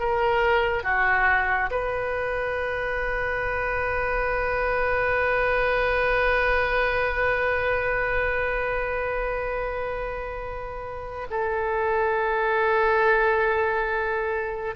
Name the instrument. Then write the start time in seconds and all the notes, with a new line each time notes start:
oboe
0.00 A#4
0.83 F#4
1.71 B4
11.31 A4